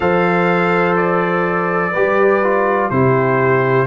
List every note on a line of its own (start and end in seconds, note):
0.00 1.92 F3
0.00 1.93 A4
0.00 1.92 C5
0.00 0.96 F5
0.96 2.90 D5
1.92 2.90 G3
1.92 2.43 G4
1.92 2.88 B4
2.43 2.91 F4
2.90 3.86 C3
2.90 3.86 E4
2.90 3.86 G4
2.90 3.86 C5